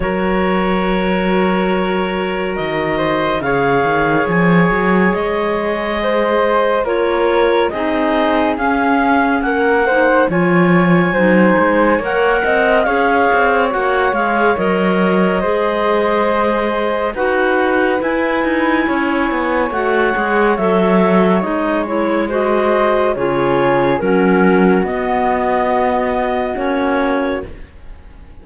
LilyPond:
<<
  \new Staff \with { instrumentName = "clarinet" } { \time 4/4 \tempo 4 = 70 cis''2. dis''4 | f''4 gis''4 dis''2 | cis''4 dis''4 f''4 fis''4 | gis''2 fis''4 f''4 |
fis''8 f''8 dis''2. | fis''4 gis''2 fis''4 | e''4 dis''8 cis''8 dis''4 cis''4 | ais'4 dis''2 cis''4 | }
  \new Staff \with { instrumentName = "flute" } { \time 4/4 ais'2.~ ais'8 c''8 | cis''2. c''4 | ais'4 gis'2 ais'8 c''8 | cis''4 c''4 cis''8 dis''8 cis''4~ |
cis''2 c''2 | b'2 cis''2~ | cis''2 c''4 gis'4 | fis'1 | }
  \new Staff \with { instrumentName = "clarinet" } { \time 4/4 fis'1 | gis'1 | f'4 dis'4 cis'4. dis'8 | f'4 dis'4 ais'4 gis'4 |
fis'8 gis'8 ais'4 gis'2 | fis'4 e'2 fis'8 gis'8 | a'4 dis'8 e'8 fis'4 f'4 | cis'4 b2 cis'4 | }
  \new Staff \with { instrumentName = "cello" } { \time 4/4 fis2. dis4 | cis8 dis8 f8 fis8 gis2 | ais4 c'4 cis'4 ais4 | f4 fis8 gis8 ais8 c'8 cis'8 c'8 |
ais8 gis8 fis4 gis2 | dis'4 e'8 dis'8 cis'8 b8 a8 gis8 | fis4 gis2 cis4 | fis4 b2 ais4 | }
>>